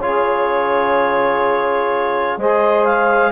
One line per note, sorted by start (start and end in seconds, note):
0.00 2.37 C#3
0.00 2.40 F4
0.00 2.39 G#4
0.00 2.38 C#5
2.37 3.32 G#3
2.37 3.32 G#4
2.37 3.32 C5
2.37 2.85 D#5
2.85 3.32 F5